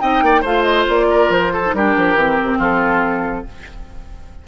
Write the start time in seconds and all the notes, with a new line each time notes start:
0.00 C4 D#4 D#5 G5
0.22 A#3 D5
0.41 A3 F4 C5 F5
0.62 D#5
0.88 A#3 D5
1.10 A#4
1.29 F3 C5
1.53 A4
1.65 D#4
1.73 G3 D4 G4 A#4
1.96 F3
2.15 E3 C4
2.42 C3
2.58 F3 F4 A4